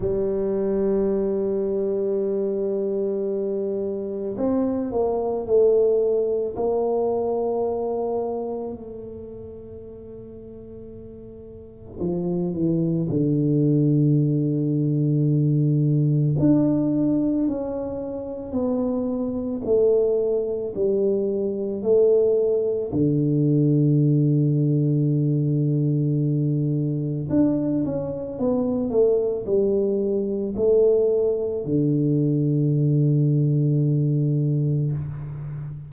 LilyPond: \new Staff \with { instrumentName = "tuba" } { \time 4/4 \tempo 4 = 55 g1 | c'8 ais8 a4 ais2 | a2. f8 e8 | d2. d'4 |
cis'4 b4 a4 g4 | a4 d2.~ | d4 d'8 cis'8 b8 a8 g4 | a4 d2. | }